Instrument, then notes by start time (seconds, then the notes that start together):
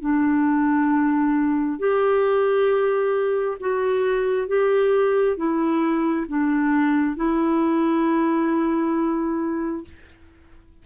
clarinet
0.00 D4
1.78 G4
3.60 F#4
4.47 G4
5.36 E4
6.28 D4
7.16 E4